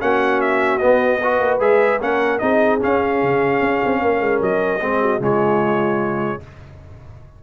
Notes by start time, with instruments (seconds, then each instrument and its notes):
0.00 tuba A#3, trombone C#4, horn F#4, trumpet F#5
0.41 trumpet E5
0.78 trombone B3, tuba B3, trumpet D#5
1.22 trombone F#4, horn B4
1.40 tuba A#3
1.59 tuba G#3, trombone G#4, trumpet E5
2.01 tuba A#3, trombone C#4, horn A#4, trumpet F#5
2.39 tuba C4, trombone D#4, horn G#4, trumpet D#5
2.80 trombone C#4, tuba C#4, trumpet F5
3.23 tuba C#3
3.61 tuba C#4
3.85 tuba C4
4.02 tuba A#3, horn A#4
4.20 tuba G#3
4.41 tuba F#3, trumpet D#5
4.81 tuba G#3, trombone C4, horn G#4
5.02 horn F#4
5.20 tuba C#3, trombone G#3, horn F4, trumpet C#5